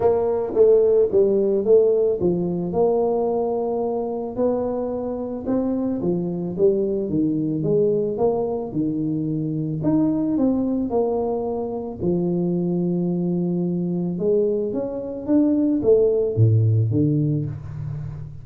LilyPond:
\new Staff \with { instrumentName = "tuba" } { \time 4/4 \tempo 4 = 110 ais4 a4 g4 a4 | f4 ais2. | b2 c'4 f4 | g4 dis4 gis4 ais4 |
dis2 dis'4 c'4 | ais2 f2~ | f2 gis4 cis'4 | d'4 a4 a,4 d4 | }